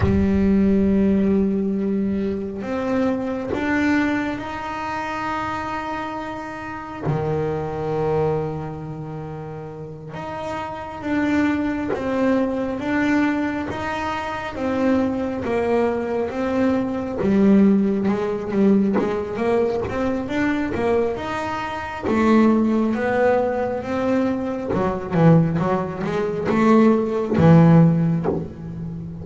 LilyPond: \new Staff \with { instrumentName = "double bass" } { \time 4/4 \tempo 4 = 68 g2. c'4 | d'4 dis'2. | dis2.~ dis8 dis'8~ | dis'8 d'4 c'4 d'4 dis'8~ |
dis'8 c'4 ais4 c'4 g8~ | g8 gis8 g8 gis8 ais8 c'8 d'8 ais8 | dis'4 a4 b4 c'4 | fis8 e8 fis8 gis8 a4 e4 | }